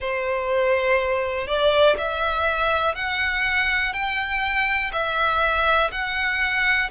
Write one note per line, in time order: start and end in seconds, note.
0.00 1.47 C5
1.47 1.96 D5
1.97 2.95 E5
2.95 3.93 F#5
3.93 4.91 G5
4.92 5.90 E5
5.92 6.90 F#5